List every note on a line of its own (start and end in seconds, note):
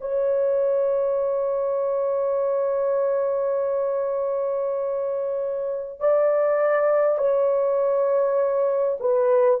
0.00 5.99 C#5
5.99 7.18 D5
7.18 8.98 C#5
8.99 9.59 B4